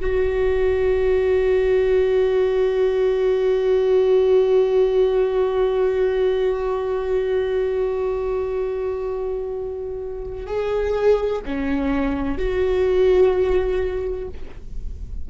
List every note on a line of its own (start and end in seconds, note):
0.00 10.46 F#4
10.46 11.41 G#4
11.45 12.37 C#4
12.37 14.28 F#4